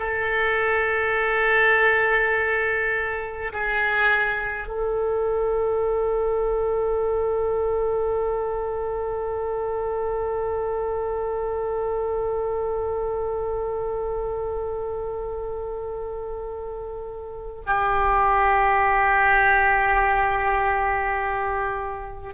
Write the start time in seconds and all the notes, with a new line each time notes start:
0.00 A4
3.53 G#4
4.68 A4
17.67 G4